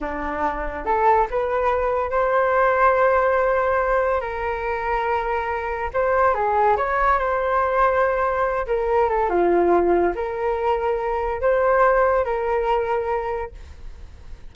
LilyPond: \new Staff \with { instrumentName = "flute" } { \time 4/4 \tempo 4 = 142 d'2 a'4 b'4~ | b'4 c''2.~ | c''2 ais'2~ | ais'2 c''4 gis'4 |
cis''4 c''2.~ | c''8 ais'4 a'8 f'2 | ais'2. c''4~ | c''4 ais'2. | }